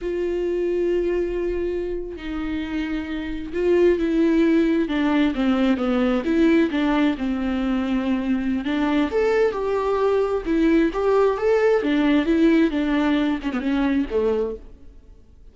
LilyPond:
\new Staff \with { instrumentName = "viola" } { \time 4/4 \tempo 4 = 132 f'1~ | f'8. dis'2. f'16~ | f'8. e'2 d'4 c'16~ | c'8. b4 e'4 d'4 c'16~ |
c'2. d'4 | a'4 g'2 e'4 | g'4 a'4 d'4 e'4 | d'4. cis'16 b16 cis'4 a4 | }